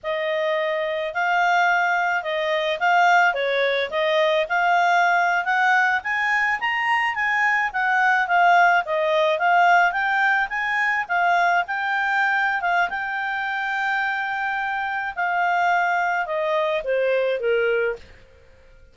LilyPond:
\new Staff \with { instrumentName = "clarinet" } { \time 4/4 \tempo 4 = 107 dis''2 f''2 | dis''4 f''4 cis''4 dis''4 | f''4.~ f''16 fis''4 gis''4 ais''16~ | ais''8. gis''4 fis''4 f''4 dis''16~ |
dis''8. f''4 g''4 gis''4 f''16~ | f''8. g''4.~ g''16 f''8 g''4~ | g''2. f''4~ | f''4 dis''4 c''4 ais'4 | }